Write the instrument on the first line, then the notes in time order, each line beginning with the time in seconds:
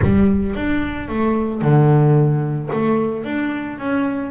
double bass
0.01 G3
0.55 D4
1.08 A3
1.61 D3
2.72 A3
3.24 D4
3.78 C#4